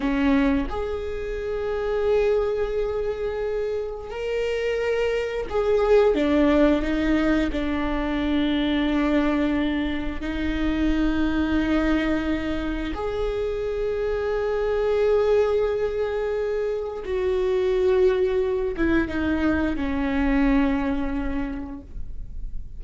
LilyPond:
\new Staff \with { instrumentName = "viola" } { \time 4/4 \tempo 4 = 88 cis'4 gis'2.~ | gis'2 ais'2 | gis'4 d'4 dis'4 d'4~ | d'2. dis'4~ |
dis'2. gis'4~ | gis'1~ | gis'4 fis'2~ fis'8 e'8 | dis'4 cis'2. | }